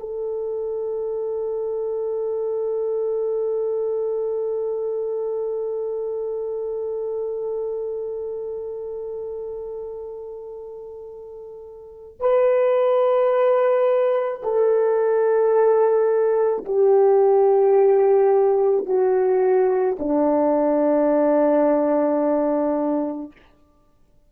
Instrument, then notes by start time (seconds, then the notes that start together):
horn
0.00 A4
12.20 B4
14.42 A4
16.65 G4
18.86 F#4
19.99 D4